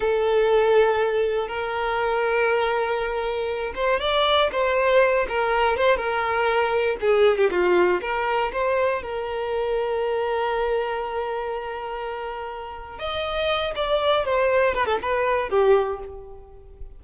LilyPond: \new Staff \with { instrumentName = "violin" } { \time 4/4 \tempo 4 = 120 a'2. ais'4~ | ais'2.~ ais'8 c''8 | d''4 c''4. ais'4 c''8 | ais'2 gis'8. g'16 f'4 |
ais'4 c''4 ais'2~ | ais'1~ | ais'2 dis''4. d''8~ | d''8 c''4 b'16 a'16 b'4 g'4 | }